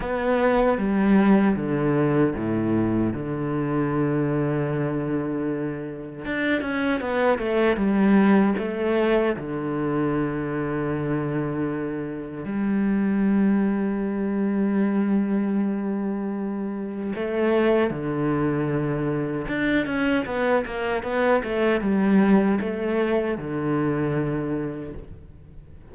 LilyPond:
\new Staff \with { instrumentName = "cello" } { \time 4/4 \tempo 4 = 77 b4 g4 d4 a,4 | d1 | d'8 cis'8 b8 a8 g4 a4 | d1 |
g1~ | g2 a4 d4~ | d4 d'8 cis'8 b8 ais8 b8 a8 | g4 a4 d2 | }